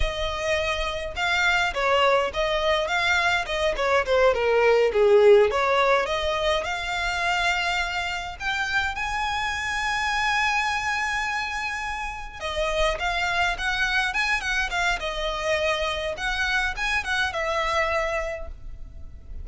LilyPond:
\new Staff \with { instrumentName = "violin" } { \time 4/4 \tempo 4 = 104 dis''2 f''4 cis''4 | dis''4 f''4 dis''8 cis''8 c''8 ais'8~ | ais'8 gis'4 cis''4 dis''4 f''8~ | f''2~ f''8 g''4 gis''8~ |
gis''1~ | gis''4. dis''4 f''4 fis''8~ | fis''8 gis''8 fis''8 f''8 dis''2 | fis''4 gis''8 fis''8 e''2 | }